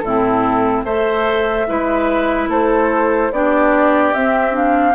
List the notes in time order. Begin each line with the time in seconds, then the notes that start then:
0.00 A2 E4 A4
0.06 C4
0.84 A3 A4 C5 E5
1.68 G#3 E4 B4
2.48 A3 A4 C5
3.32 B3 D4 G4 D5
4.14 C4 E5
4.52 D4 F5